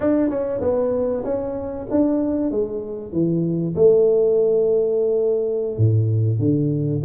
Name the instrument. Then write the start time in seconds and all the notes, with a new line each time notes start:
tuba
0.00 D4
0.29 C#4
0.61 B3
1.24 C#4
1.90 D4
2.51 G#3
3.12 E3
3.75 A3
5.77 A2
6.39 D3